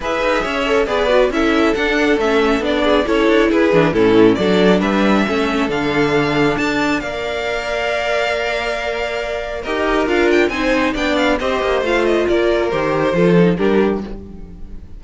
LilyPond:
<<
  \new Staff \with { instrumentName = "violin" } { \time 4/4 \tempo 4 = 137 e''2 d''4 e''4 | fis''4 e''4 d''4 cis''4 | b'4 a'4 d''4 e''4~ | e''4 f''2 a''4 |
f''1~ | f''2 dis''4 f''8 g''8 | gis''4 g''8 f''8 dis''4 f''8 dis''8 | d''4 c''2 ais'4 | }
  \new Staff \with { instrumentName = "violin" } { \time 4/4 b'4 cis''4 b'4 a'4~ | a'2~ a'8 gis'8 a'4 | gis'4 e'4 a'4 b'4 | a'1 |
d''1~ | d''2 ais'2 | c''4 d''4 c''2 | ais'2 a'4 g'4 | }
  \new Staff \with { instrumentName = "viola" } { \time 4/4 gis'4. a'8 gis'8 fis'8 e'4 | d'4 cis'4 d'4 e'4~ | e'8 d'8 cis'4 d'2 | cis'4 d'2. |
ais'1~ | ais'2 g'4 f'4 | dis'4 d'4 g'4 f'4~ | f'4 g'4 f'8 dis'8 d'4 | }
  \new Staff \with { instrumentName = "cello" } { \time 4/4 e'8 dis'8 cis'4 b4 cis'4 | d'4 a4 b4 cis'8 d'8 | e'8 e8 a,4 fis4 g4 | a4 d2 d'4 |
ais1~ | ais2 dis'4 d'4 | c'4 b4 c'8 ais8 a4 | ais4 dis4 f4 g4 | }
>>